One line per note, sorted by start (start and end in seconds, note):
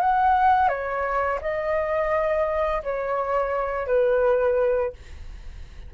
0.00 0.68 F#5
0.68 1.39 C#5
1.41 2.82 D#5
2.83 3.87 C#5
3.87 4.93 B4